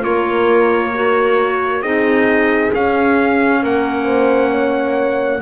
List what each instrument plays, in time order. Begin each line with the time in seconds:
0.00 double bass A#3, clarinet F4, horn A#4, trumpet C#5
0.94 clarinet F#4
1.81 double bass C4, clarinet D#4, horn G#4, trumpet D#5
2.73 double bass C#4, clarinet C#4, trumpet F5
3.62 double bass A#3, horn A#4, trumpet F#5
4.05 horn C5
4.51 horn C#5